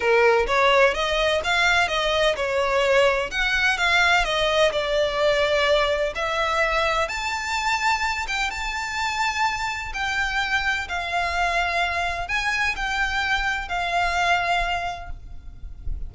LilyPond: \new Staff \with { instrumentName = "violin" } { \time 4/4 \tempo 4 = 127 ais'4 cis''4 dis''4 f''4 | dis''4 cis''2 fis''4 | f''4 dis''4 d''2~ | d''4 e''2 a''4~ |
a''4. g''8 a''2~ | a''4 g''2 f''4~ | f''2 gis''4 g''4~ | g''4 f''2. | }